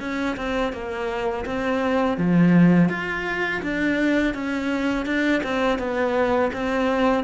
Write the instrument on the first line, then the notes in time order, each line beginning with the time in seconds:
cello
0.00 C#4
0.37 C4
0.73 A#3
1.46 C4
2.18 F3
2.89 F4
3.62 D4
4.34 C#4
5.06 D4
5.43 C4
5.79 B3
6.53 C4